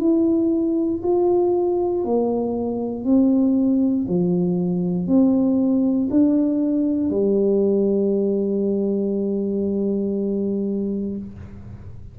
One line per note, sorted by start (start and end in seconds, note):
0.00 1.02 E4
1.03 2.04 F4
2.04 3.04 A#3
3.04 4.06 C4
4.08 5.07 F3
5.07 6.09 C4
6.11 7.10 D4
7.10 11.17 G3